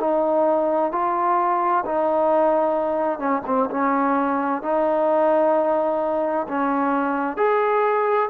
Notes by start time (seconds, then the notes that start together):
0.00 D#4
0.92 F4
1.85 D#4
3.19 C#4
3.46 C4
3.70 C#4
4.62 D#4
6.48 C#4
7.37 G#4